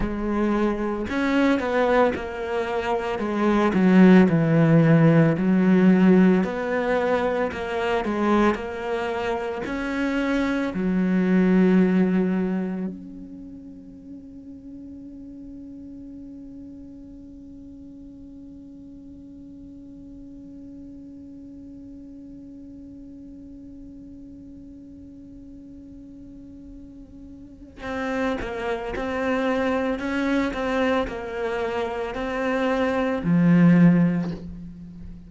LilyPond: \new Staff \with { instrumentName = "cello" } { \time 4/4 \tempo 4 = 56 gis4 cis'8 b8 ais4 gis8 fis8 | e4 fis4 b4 ais8 gis8 | ais4 cis'4 fis2 | cis'1~ |
cis'1~ | cis'1~ | cis'2 c'8 ais8 c'4 | cis'8 c'8 ais4 c'4 f4 | }